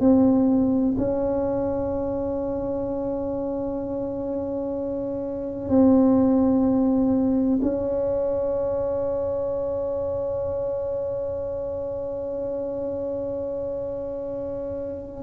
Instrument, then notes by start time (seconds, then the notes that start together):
tuba
0.00 C4
0.98 C#4
5.69 C4
7.62 C#4